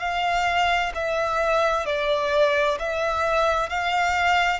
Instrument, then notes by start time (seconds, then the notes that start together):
violin
0.00 F5
0.95 E5
1.86 D5
2.79 E5
3.69 F5